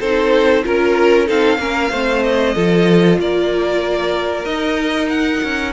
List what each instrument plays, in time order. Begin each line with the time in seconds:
0.00 cello C4, viola D#4, violin A4 C5
0.63 cello C#4, viola F4, violin A#4
1.26 cello C4, viola D#4, violin A4 F5
1.58 cello A#3, viola C#4, violin A#4
1.91 cello A3, viola C4, violin C5
2.23 violin D#5
2.55 cello F3, viola F4, violin A4
3.19 cello A#3, violin A#4 D5
4.45 cello D#4, viola D#4, violin D#5
5.09 violin F#5
5.43 cello C#4